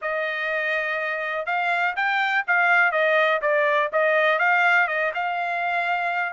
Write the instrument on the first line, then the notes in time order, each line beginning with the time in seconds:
trumpet
0.01 D#5
1.45 F5
1.96 G5
2.47 F5
2.91 D#5
3.41 D5
3.92 D#5
4.38 F5
4.87 D#5
5.14 F5